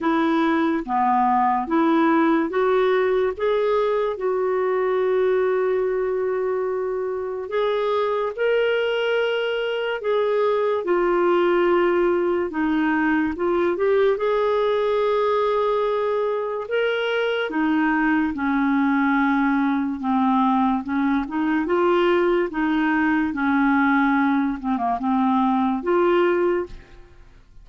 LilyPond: \new Staff \with { instrumentName = "clarinet" } { \time 4/4 \tempo 4 = 72 e'4 b4 e'4 fis'4 | gis'4 fis'2.~ | fis'4 gis'4 ais'2 | gis'4 f'2 dis'4 |
f'8 g'8 gis'2. | ais'4 dis'4 cis'2 | c'4 cis'8 dis'8 f'4 dis'4 | cis'4. c'16 ais16 c'4 f'4 | }